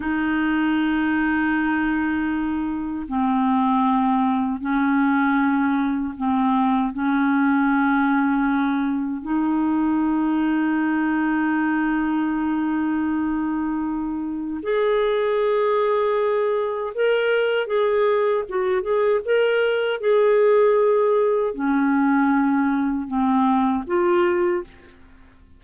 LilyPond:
\new Staff \with { instrumentName = "clarinet" } { \time 4/4 \tempo 4 = 78 dis'1 | c'2 cis'2 | c'4 cis'2. | dis'1~ |
dis'2. gis'4~ | gis'2 ais'4 gis'4 | fis'8 gis'8 ais'4 gis'2 | cis'2 c'4 f'4 | }